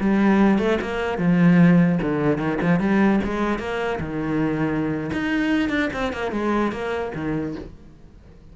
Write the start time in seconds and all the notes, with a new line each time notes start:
0.00 G3
0.59 A3
0.81 A#3
1.18 F3
2.02 D3
2.38 D#3
2.62 F3
2.80 G3
3.24 G#3
3.59 A#3
4.00 D#3
5.13 D#4
5.69 D4
5.93 C4
6.13 A#3
6.32 G#3
6.72 A#3
7.15 D#3